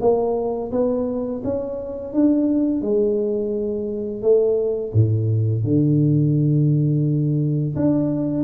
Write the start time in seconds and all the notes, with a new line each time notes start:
0.00 A#3
0.71 B3
1.43 C#4
2.13 D4
2.81 G#3
4.22 A3
4.93 A2
5.63 D3
7.76 D4